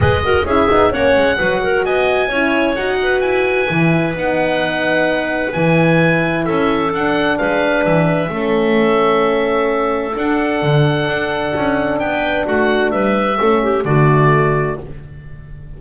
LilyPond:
<<
  \new Staff \with { instrumentName = "oboe" } { \time 4/4 \tempo 4 = 130 dis''4 e''4 fis''2 | gis''2 fis''4 gis''4~ | gis''4 fis''2. | gis''2 e''4 fis''4 |
f''4 e''2.~ | e''2 fis''2~ | fis''2 g''4 fis''4 | e''2 d''2 | }
  \new Staff \with { instrumentName = "clarinet" } { \time 4/4 b'8 ais'8 gis'4 cis''4 b'8 ais'8 | dis''4 cis''4. b'4.~ | b'1~ | b'2 a'2 |
b'2 a'2~ | a'1~ | a'2 b'4 fis'4 | b'4 a'8 g'8 fis'2 | }
  \new Staff \with { instrumentName = "horn" } { \time 4/4 gis'8 fis'8 e'8 dis'8 cis'4 fis'4~ | fis'4 e'4 fis'2 | e'4 dis'2. | e'2. d'4~ |
d'2 cis'2~ | cis'2 d'2~ | d'1~ | d'4 cis'4 a2 | }
  \new Staff \with { instrumentName = "double bass" } { \time 4/4 gis4 cis'8 b8 ais8 gis8 fis4 | b4 cis'4 dis'4 e'4 | e4 b2. | e2 cis'4 d'4 |
gis4 e4 a2~ | a2 d'4 d4 | d'4 cis'4 b4 a4 | g4 a4 d2 | }
>>